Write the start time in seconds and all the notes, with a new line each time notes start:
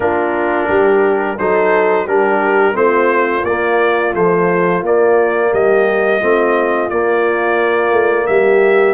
0.00 A#3 D4 F4 A#4
0.67 G3 G4
1.37 F#3 D#4 A4 C5
2.05 G3 D4 G4 A#4
2.72 A3 C4 F4 C5
3.43 A#3 D5
4.14 F3 A3 C5
4.82 A#3 D5
5.51 G3 G4 D#5
6.19 A3 C4 F4
6.89 A#3 D5
7.92 A3
8.26 G3 G4 E5